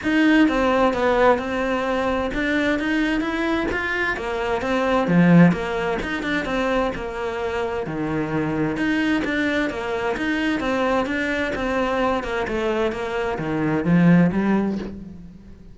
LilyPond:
\new Staff \with { instrumentName = "cello" } { \time 4/4 \tempo 4 = 130 dis'4 c'4 b4 c'4~ | c'4 d'4 dis'4 e'4 | f'4 ais4 c'4 f4 | ais4 dis'8 d'8 c'4 ais4~ |
ais4 dis2 dis'4 | d'4 ais4 dis'4 c'4 | d'4 c'4. ais8 a4 | ais4 dis4 f4 g4 | }